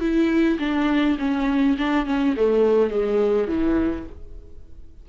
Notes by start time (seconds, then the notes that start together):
0.00 E4
0.59 D4
1.18 C#4
1.78 D4
2.06 C#4
2.36 A3
2.90 G#3
3.48 E3